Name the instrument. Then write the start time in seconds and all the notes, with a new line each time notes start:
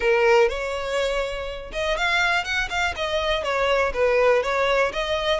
violin
0.00 A#4
0.48 C#5
1.72 D#5
1.97 F5
2.44 F#5
2.69 F5
2.96 D#5
3.43 C#5
3.93 B4
4.43 C#5
4.92 D#5